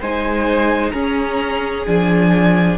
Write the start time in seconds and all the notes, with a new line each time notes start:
0.00 G#3 D#4 C5 G#5
0.90 C#4 G#4 A#5
1.86 F3 D4 G#5